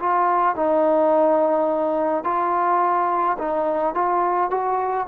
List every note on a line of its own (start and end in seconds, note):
0.00 0.56 F4
0.56 2.25 D#4
2.25 3.38 F4
3.39 3.95 D#4
3.95 4.51 F4
4.51 5.08 F#4